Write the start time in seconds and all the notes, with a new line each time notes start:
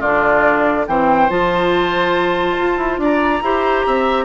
0.00 D3 D4 F4 D5
0.87 E3 C4 C5 G5
1.29 F3 F4 A5
2.58 F4
2.77 E4
2.98 D4 D5 A#5
3.41 E4 G4 C5
3.86 C4 E5